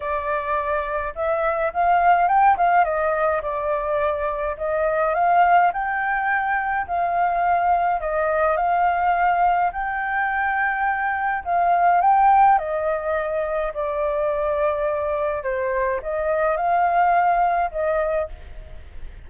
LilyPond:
\new Staff \with { instrumentName = "flute" } { \time 4/4 \tempo 4 = 105 d''2 e''4 f''4 | g''8 f''8 dis''4 d''2 | dis''4 f''4 g''2 | f''2 dis''4 f''4~ |
f''4 g''2. | f''4 g''4 dis''2 | d''2. c''4 | dis''4 f''2 dis''4 | }